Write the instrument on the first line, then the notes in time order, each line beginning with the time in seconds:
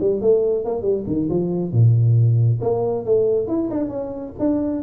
tuba
0.00 G3
0.21 A3
0.64 A#3
0.82 G3
1.07 D#3
1.29 F3
1.72 A#2
2.61 A#3
3.05 A3
3.47 E4
3.70 D4
3.89 C#4
4.39 D4